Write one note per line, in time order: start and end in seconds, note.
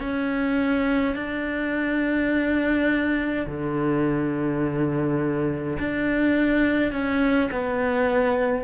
0.00 1.15 C#4
1.15 3.46 D4
3.47 5.78 D3
5.79 6.92 D4
6.92 7.50 C#4
7.52 8.64 B3